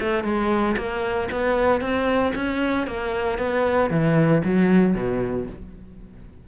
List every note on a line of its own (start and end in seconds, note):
0.00 0.24 A3
0.24 0.76 G#3
0.77 1.29 A#3
1.31 1.81 B3
1.81 2.33 C4
2.35 2.87 C#4
2.87 3.38 A#3
3.38 3.90 B3
3.90 4.42 E3
4.44 4.94 F#3
4.94 5.47 B2